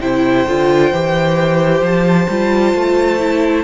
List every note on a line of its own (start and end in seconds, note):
0.00 0.45 C3
0.00 0.46 E4
0.00 3.63 C5
0.00 1.83 G5
0.46 0.92 D3
0.46 0.93 F4
0.92 1.81 E3
0.92 2.30 G4
1.81 2.27 F3
1.81 3.63 A5
2.28 2.74 G3
2.28 3.19 F4
2.74 3.63 A3
3.19 3.63 E4